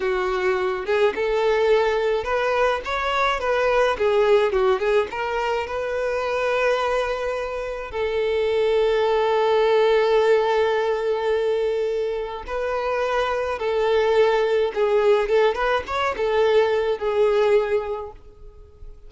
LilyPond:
\new Staff \with { instrumentName = "violin" } { \time 4/4 \tempo 4 = 106 fis'4. gis'8 a'2 | b'4 cis''4 b'4 gis'4 | fis'8 gis'8 ais'4 b'2~ | b'2 a'2~ |
a'1~ | a'2 b'2 | a'2 gis'4 a'8 b'8 | cis''8 a'4. gis'2 | }